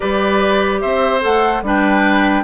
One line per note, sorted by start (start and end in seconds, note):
0.00 0.83 G3
0.00 1.21 G4
0.00 0.81 B4
0.00 0.79 D5
0.80 1.24 C4
0.80 1.62 C5
0.80 1.21 E5
1.21 1.62 A3
1.21 1.61 A4
1.21 1.64 F#5
1.62 2.43 G3
1.62 2.43 D4
1.62 2.43 B4
1.62 2.43 G5